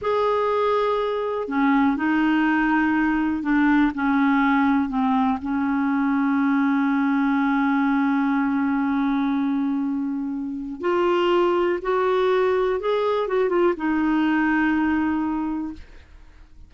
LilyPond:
\new Staff \with { instrumentName = "clarinet" } { \time 4/4 \tempo 4 = 122 gis'2. cis'4 | dis'2. d'4 | cis'2 c'4 cis'4~ | cis'1~ |
cis'1~ | cis'2 f'2 | fis'2 gis'4 fis'8 f'8 | dis'1 | }